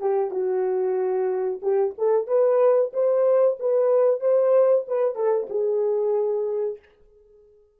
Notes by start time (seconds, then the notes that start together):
0.00 G4
0.31 F#4
1.62 G4
1.98 A4
2.27 B4
2.93 C5
3.60 B4
4.21 C5
4.88 B4
5.15 A4
5.50 G#4